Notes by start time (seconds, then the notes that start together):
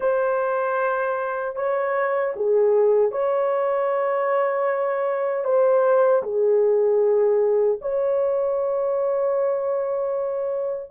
0.00 C5
1.55 C#5
2.36 G#4
3.11 C#5
5.44 C5
6.22 G#4
7.81 C#5